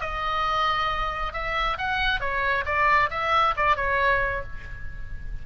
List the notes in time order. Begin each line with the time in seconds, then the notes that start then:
0.00 D#5
1.33 E5
1.78 F#5
2.20 C#5
2.65 D5
3.10 E5
3.57 D5
3.76 C#5